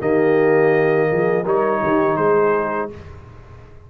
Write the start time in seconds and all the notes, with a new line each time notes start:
0.00 D#3 A#3 G4 D#5
1.10 F3 G#4
1.43 G3 D#4 A#4 C#5
1.82 D#3 G4
2.17 G#3 G#4 C5